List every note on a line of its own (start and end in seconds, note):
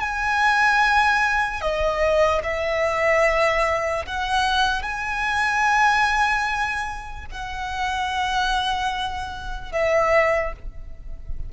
0.00 1.61 G#5
1.61 2.42 D#5
2.43 4.05 E5
4.06 4.82 F#5
4.82 7.26 G#5
7.31 9.72 F#5
9.72 10.53 E5